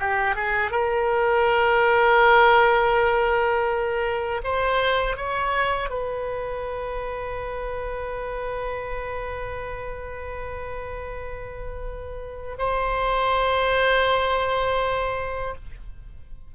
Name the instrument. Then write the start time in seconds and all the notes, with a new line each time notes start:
oboe
0.00 G4
0.36 G#4
0.71 A#4
4.44 C5
5.17 C#5
5.90 B4
12.59 C5